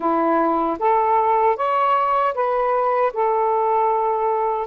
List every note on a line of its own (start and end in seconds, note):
0.00 0.78 E4
0.79 1.56 A4
1.56 2.34 C#5
2.34 3.12 B4
3.13 4.67 A4